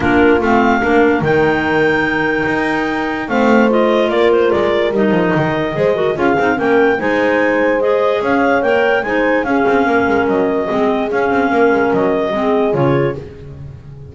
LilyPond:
<<
  \new Staff \with { instrumentName = "clarinet" } { \time 4/4 \tempo 4 = 146 ais'4 f''2 g''4~ | g''1 | f''4 dis''4 d''8 c''8 d''4 | dis''2. f''4 |
g''4 gis''2 dis''4 | f''4 g''4 gis''4 f''4~ | f''4 dis''2 f''4~ | f''4 dis''2 cis''4 | }
  \new Staff \with { instrumentName = "horn" } { \time 4/4 f'2 ais'2~ | ais'1 | c''2 ais'2~ | ais'2 c''8 ais'8 gis'4 |
ais'4 c''2. | cis''2 c''4 gis'4 | ais'2 gis'2 | ais'2 gis'2 | }
  \new Staff \with { instrumentName = "clarinet" } { \time 4/4 d'4 c'4 d'4 dis'4~ | dis'1 | c'4 f'2. | dis'2 gis'8 fis'8 f'8 dis'8 |
cis'4 dis'2 gis'4~ | gis'4 ais'4 dis'4 cis'4~ | cis'2 c'4 cis'4~ | cis'2 c'4 f'4 | }
  \new Staff \with { instrumentName = "double bass" } { \time 4/4 ais4 a4 ais4 dis4~ | dis2 dis'2 | a2 ais4 gis4 | g8 f8 dis4 gis4 cis'8 c'8 |
ais4 gis2. | cis'4 ais4 gis4 cis'8 c'8 | ais8 gis8 fis4 gis4 cis'8 c'8 | ais8 gis8 fis4 gis4 cis4 | }
>>